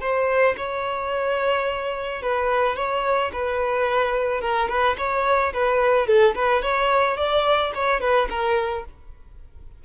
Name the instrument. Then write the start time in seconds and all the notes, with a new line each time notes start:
violin
0.00 C5
0.57 C#5
2.22 B4
2.76 C#5
3.32 B4
4.41 A#4
4.68 B4
4.97 C#5
5.53 B4
6.07 A4
6.35 B4
6.62 C#5
7.17 D5
7.74 C#5
8.00 B4
8.29 A#4